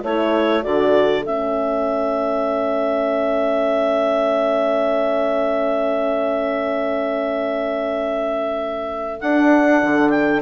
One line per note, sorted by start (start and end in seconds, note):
0.00 0.65 A3
0.00 0.62 E4
0.00 10.41 A4
0.00 0.63 C#5
0.62 1.25 D3
0.62 1.23 F#4
0.62 1.24 D5
1.25 9.21 A3
1.25 9.22 C#4
1.25 9.20 E5
9.20 9.82 D4
9.20 10.42 D4
9.20 10.09 F#5
9.82 10.42 D3
10.09 10.40 G5